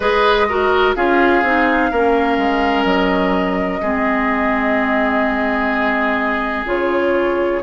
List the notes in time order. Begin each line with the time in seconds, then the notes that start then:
0.00 G#3 G#4 B4 D#5
0.48 F#4 A#4
0.95 C#4 F4 G#4 F5
1.42 C4 D#4
1.90 A#3 C#4 A#4
2.37 G#3
2.84 F#3 D#5
3.81 G#3 C4 G#4
6.65 C#3 F4 C#5